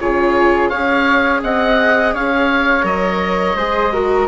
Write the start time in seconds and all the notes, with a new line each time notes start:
0.00 C#3 F4 G#4 C#5
0.69 C#4 G#4 C#5 F5
1.43 C4 D#5 F#5
2.14 C#4 C#5 F5
2.83 F#3 A#4 D#5
3.55 G#3 G#4 C5
3.92 F#4 A#4